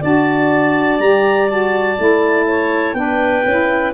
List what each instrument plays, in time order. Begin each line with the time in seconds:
0.00 tuba D4, saxophone F#4, clarinet D5 A5
0.99 tuba G3, saxophone G4, clarinet A#5
1.49 saxophone F#4, clarinet A5
1.97 tuba A3, saxophone E4
2.47 clarinet C#5
2.94 tuba B3, saxophone D4, clarinet B4 G5
3.46 tuba C#4, saxophone E4